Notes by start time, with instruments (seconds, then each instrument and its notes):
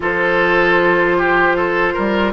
0.00 bassoon F3, clarinet F4, oboe A4, flute C5
1.17 oboe G4
1.56 oboe A4
1.93 bassoon G3, oboe A#4